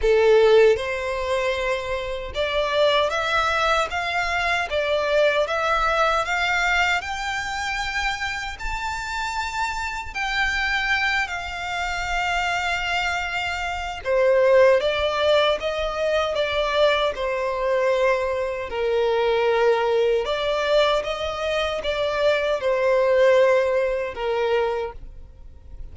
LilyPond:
\new Staff \with { instrumentName = "violin" } { \time 4/4 \tempo 4 = 77 a'4 c''2 d''4 | e''4 f''4 d''4 e''4 | f''4 g''2 a''4~ | a''4 g''4. f''4.~ |
f''2 c''4 d''4 | dis''4 d''4 c''2 | ais'2 d''4 dis''4 | d''4 c''2 ais'4 | }